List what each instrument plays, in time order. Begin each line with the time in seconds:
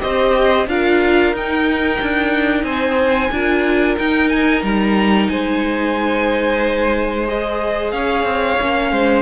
0.00 cello C4, viola G4, violin C5 D#5
0.67 cello D4, viola F4, violin A#4 F5
1.33 cello D#4, viola D#4, violin G5
2.01 cello D4
2.64 cello C4, violin C5 G#5
3.32 cello D4, viola F4, violin A#4
3.99 cello D#4, viola D#4, violin G5
4.29 violin G#5
4.63 cello G3, violin A#5
5.29 cello G#3, violin C5 G#5
7.28 viola G#4, violin D#5
7.91 cello C#4, violin C#5 F5
8.23 cello C4
8.60 cello A#3, viola C#4
8.92 cello G#3, violin C5